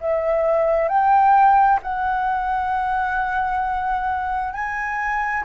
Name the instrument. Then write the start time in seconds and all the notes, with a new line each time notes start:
flute
0.00 E5
0.88 G5
1.82 F#5
4.53 G#5